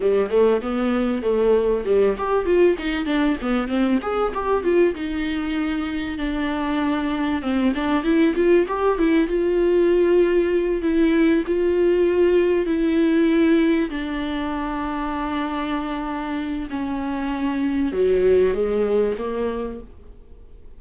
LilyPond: \new Staff \with { instrumentName = "viola" } { \time 4/4 \tempo 4 = 97 g8 a8 b4 a4 g8 g'8 | f'8 dis'8 d'8 b8 c'8 gis'8 g'8 f'8 | dis'2 d'2 | c'8 d'8 e'8 f'8 g'8 e'8 f'4~ |
f'4. e'4 f'4.~ | f'8 e'2 d'4.~ | d'2. cis'4~ | cis'4 fis4 gis4 ais4 | }